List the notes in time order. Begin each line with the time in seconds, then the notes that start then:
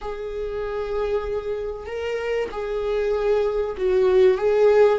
0.01 G#4
1.86 A#4
2.51 G#4
3.77 F#4
4.37 G#4